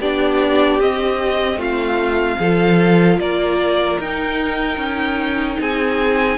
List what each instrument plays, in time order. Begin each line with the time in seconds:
0.00 cello B3, viola D4, violin G4 D5
0.80 cello C4, viola C4, violin D#5
1.56 cello A3, violin F4 F5
2.39 cello F3, viola F4, violin A4
3.18 cello A#3, violin A#4 D5
3.99 cello D#4, viola D#4, violin G5
4.77 cello C#4
5.60 cello C4, violin G#4 G#5